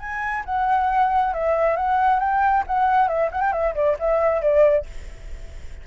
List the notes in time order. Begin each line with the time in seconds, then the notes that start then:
0.00 G#5
0.46 F#5
1.34 E5
1.77 F#5
2.20 G5
2.67 F#5
3.08 E5
3.32 F#5
3.42 G5
3.53 E5
3.75 D5
4.00 E5
4.42 D5